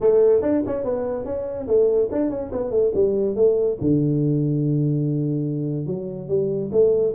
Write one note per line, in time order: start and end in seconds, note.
0.00 0.41 A3
0.41 0.62 D4
0.66 0.84 C#4
0.84 1.25 B3
1.25 1.66 C#4
1.67 2.09 A3
2.11 2.29 D4
2.29 2.50 C#4
2.52 2.70 B3
2.70 2.91 A3
2.94 3.35 G3
3.35 3.77 A3
3.80 5.86 D3
5.86 6.28 F#3
6.28 6.70 G3
6.71 7.13 A3